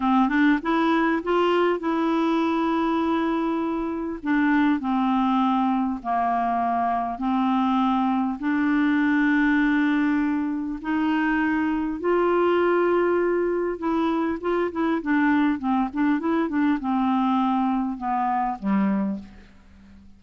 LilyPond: \new Staff \with { instrumentName = "clarinet" } { \time 4/4 \tempo 4 = 100 c'8 d'8 e'4 f'4 e'4~ | e'2. d'4 | c'2 ais2 | c'2 d'2~ |
d'2 dis'2 | f'2. e'4 | f'8 e'8 d'4 c'8 d'8 e'8 d'8 | c'2 b4 g4 | }